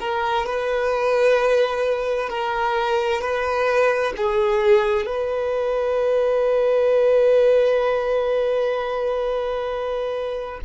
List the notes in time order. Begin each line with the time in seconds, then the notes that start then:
0.00 A#4
0.46 B4
2.30 A#4
3.21 B4
4.17 G#4
5.06 B4